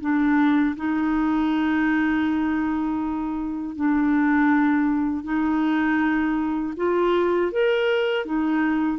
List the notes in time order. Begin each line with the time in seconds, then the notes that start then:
0.00 D4
0.76 D#4
3.75 D4
5.23 D#4
6.76 F4
7.52 A#4
8.25 D#4